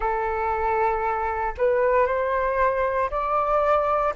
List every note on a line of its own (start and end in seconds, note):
0.00 1.53 A4
1.58 2.06 B4
2.06 3.09 C5
3.10 4.14 D5